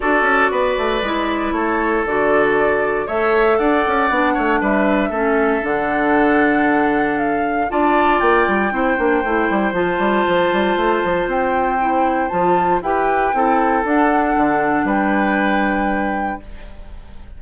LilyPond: <<
  \new Staff \with { instrumentName = "flute" } { \time 4/4 \tempo 4 = 117 d''2. cis''4 | d''2 e''4 fis''4~ | fis''4 e''2 fis''4~ | fis''2 f''4 a''4 |
g''2. a''4~ | a''2 g''2 | a''4 g''2 fis''4~ | fis''4 g''2. | }
  \new Staff \with { instrumentName = "oboe" } { \time 4/4 a'4 b'2 a'4~ | a'2 cis''4 d''4~ | d''8 cis''8 b'4 a'2~ | a'2. d''4~ |
d''4 c''2.~ | c''1~ | c''4 b'4 a'2~ | a'4 b'2. | }
  \new Staff \with { instrumentName = "clarinet" } { \time 4/4 fis'2 e'2 | fis'2 a'2 | d'2 cis'4 d'4~ | d'2. f'4~ |
f'4 e'8 d'8 e'4 f'4~ | f'2. e'4 | f'4 g'4 e'4 d'4~ | d'1 | }
  \new Staff \with { instrumentName = "bassoon" } { \time 4/4 d'8 cis'8 b8 a8 gis4 a4 | d2 a4 d'8 cis'8 | b8 a8 g4 a4 d4~ | d2. d'4 |
ais8 g8 c'8 ais8 a8 g8 f8 g8 | f8 g8 a8 f8 c'2 | f4 e'4 c'4 d'4 | d4 g2. | }
>>